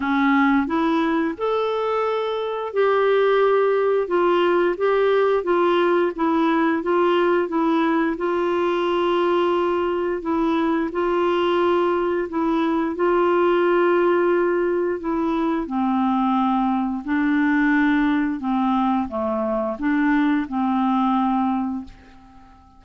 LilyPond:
\new Staff \with { instrumentName = "clarinet" } { \time 4/4 \tempo 4 = 88 cis'4 e'4 a'2 | g'2 f'4 g'4 | f'4 e'4 f'4 e'4 | f'2. e'4 |
f'2 e'4 f'4~ | f'2 e'4 c'4~ | c'4 d'2 c'4 | a4 d'4 c'2 | }